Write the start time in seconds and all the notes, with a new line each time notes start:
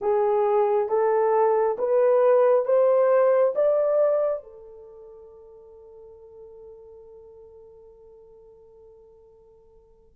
0.01 G#4
0.88 A4
1.78 B4
2.65 C5
3.55 D5
4.43 A4